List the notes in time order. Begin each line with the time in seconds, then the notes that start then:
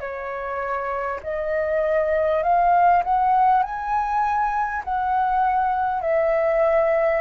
0.00 C#5
1.24 D#5
2.43 F5
3.04 F#5
3.64 G#5
4.84 F#5
6.02 E5